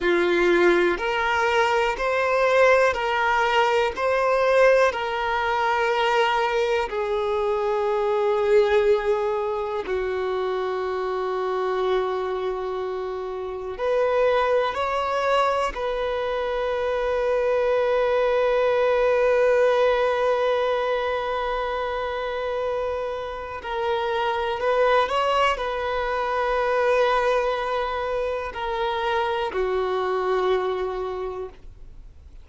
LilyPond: \new Staff \with { instrumentName = "violin" } { \time 4/4 \tempo 4 = 61 f'4 ais'4 c''4 ais'4 | c''4 ais'2 gis'4~ | gis'2 fis'2~ | fis'2 b'4 cis''4 |
b'1~ | b'1 | ais'4 b'8 cis''8 b'2~ | b'4 ais'4 fis'2 | }